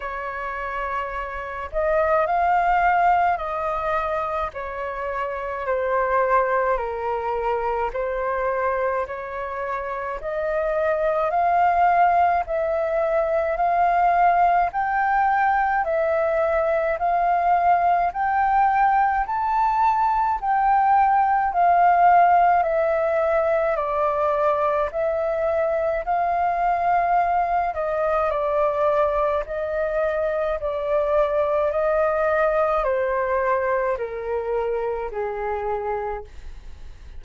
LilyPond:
\new Staff \with { instrumentName = "flute" } { \time 4/4 \tempo 4 = 53 cis''4. dis''8 f''4 dis''4 | cis''4 c''4 ais'4 c''4 | cis''4 dis''4 f''4 e''4 | f''4 g''4 e''4 f''4 |
g''4 a''4 g''4 f''4 | e''4 d''4 e''4 f''4~ | f''8 dis''8 d''4 dis''4 d''4 | dis''4 c''4 ais'4 gis'4 | }